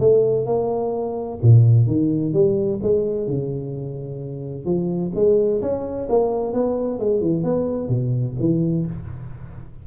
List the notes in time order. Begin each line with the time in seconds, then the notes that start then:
0.00 A3
0.46 A#3
1.43 A#2
1.87 D#3
2.34 G3
2.83 G#3
3.27 C#3
4.66 F3
5.15 G#3
5.62 C#4
6.10 A#3
6.54 B3
7.00 G#3
7.21 E3
7.44 B3
7.89 B2
8.40 E3